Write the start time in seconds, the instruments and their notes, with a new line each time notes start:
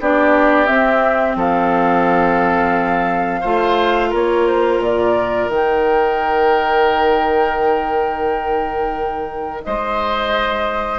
0.00 bassoon B3, clarinet D4, oboe G4, flute D5
0.66 clarinet C4, bassoon C4, flute E5
1.35 bassoon F3, oboe A4, flute F5
3.40 bassoon A3, clarinet F4, oboe C5
4.09 bassoon A#3, oboe A#4, flute C#5
4.47 flute C5
4.80 bassoon A#2, flute D5
5.49 bassoon D#3, clarinet D#4, flute G5
9.64 bassoon G#3, oboe C5, flute D#5